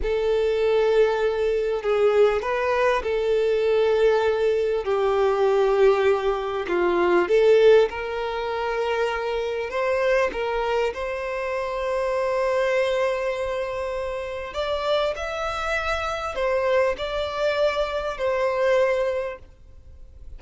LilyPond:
\new Staff \with { instrumentName = "violin" } { \time 4/4 \tempo 4 = 99 a'2. gis'4 | b'4 a'2. | g'2. f'4 | a'4 ais'2. |
c''4 ais'4 c''2~ | c''1 | d''4 e''2 c''4 | d''2 c''2 | }